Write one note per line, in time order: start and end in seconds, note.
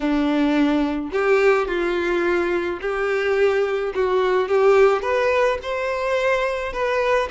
0.00 1.10 D4
1.11 1.67 G4
1.67 2.79 F4
2.81 3.93 G4
3.95 4.48 F#4
4.48 5.02 G4
5.02 5.58 B4
5.62 6.72 C5
6.72 7.28 B4